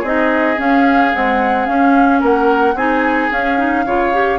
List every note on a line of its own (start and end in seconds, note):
0.00 0.57 C4
0.00 0.56 D#4
0.00 2.18 G#4
0.00 0.60 D#5
0.56 1.11 C#4
0.56 1.13 C#4
0.56 1.14 F5
1.13 1.65 G#3
1.13 1.68 C4
1.13 1.66 F#5
1.65 2.74 C#4
1.65 2.22 C#4
1.65 2.20 F5
2.20 2.74 A#3
2.20 2.74 A#4
2.20 2.77 F#5
2.74 3.29 C4
2.74 3.31 D#4
2.74 3.85 G#4
2.74 3.31 G#5
3.31 3.85 C#4
3.31 3.57 C#4
3.31 4.39 F5
3.57 3.85 D#4
3.86 4.39 C#3
3.86 4.13 F4
3.86 4.39 C#5
4.13 4.39 G4